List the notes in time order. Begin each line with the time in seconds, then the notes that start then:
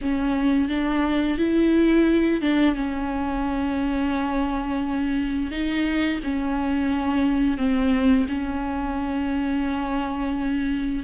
0.01 C#4
0.69 D4
1.38 E4
2.41 D4
2.75 C#4
5.51 D#4
6.23 C#4
7.57 C4
8.28 C#4